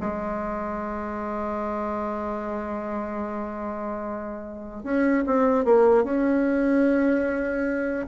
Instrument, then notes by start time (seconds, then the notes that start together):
bassoon
0.00 G#3
4.83 C#4
5.26 C4
5.64 A#3
6.04 C#4